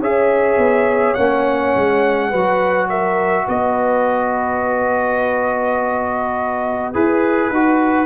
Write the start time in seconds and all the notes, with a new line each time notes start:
0.00 C#4 G#4 C#5 E5
0.58 B3
1.15 A#3 C#4 F#5
1.76 G#3
2.30 F#3 F#4 B4
2.90 A#4 E5
3.45 B3 B4 D#5
6.94 E4 G#4 B4
7.50 D#4 F#4